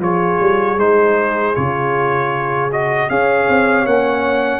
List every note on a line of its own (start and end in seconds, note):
0.00 0.38 F3
0.00 0.79 F4
0.00 3.11 G#4
0.00 0.79 C#5
0.41 0.78 G3
0.78 1.55 G#3
0.78 1.55 D#4
0.78 1.56 C5
1.55 3.10 C#3
1.55 2.71 F4
1.55 2.71 C#5
2.72 3.10 F#4
2.72 3.10 D#5
3.10 3.49 C#4
3.10 3.87 G#4
3.10 4.60 C#5
3.10 3.87 F5
3.49 3.86 C4
3.86 4.60 A#3
3.86 4.60 C#4
3.86 4.60 F#5